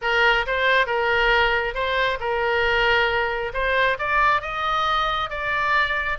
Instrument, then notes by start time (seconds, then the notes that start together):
oboe
0.01 A#4
0.46 C5
0.86 A#4
1.74 C5
2.20 A#4
3.53 C5
3.98 D5
4.41 D#5
5.30 D5